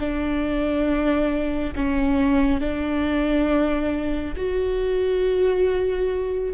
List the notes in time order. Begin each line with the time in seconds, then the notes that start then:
0.00 D4
1.76 C#4
2.60 D4
4.37 F#4